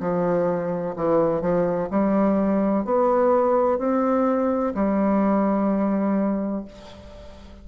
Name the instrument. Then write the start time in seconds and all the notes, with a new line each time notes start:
bassoon
0.00 F3
0.96 E3
1.42 F3
1.90 G3
2.85 B3
3.79 C4
4.74 G3